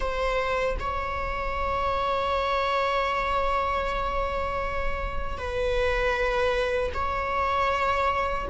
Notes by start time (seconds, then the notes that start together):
0.00 C5
0.79 C#5
5.38 B4
6.94 C#5